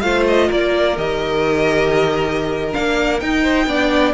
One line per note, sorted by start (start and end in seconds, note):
0.00 0.49 A3
0.00 0.97 F4
0.00 0.49 C5
0.00 0.23 F5
0.27 0.51 D#5
0.49 0.97 A#3
0.49 3.42 A#4
0.49 0.97 D5
0.97 2.73 D#3
0.97 2.72 G4
0.97 2.73 D#5
2.72 3.22 A#3
2.72 3.19 D4
2.72 3.20 F5
3.20 3.68 D#4
3.20 3.66 D#4
3.20 4.13 G5
3.42 3.65 C5
3.66 4.13 B3
3.66 4.13 D4
3.66 4.13 D5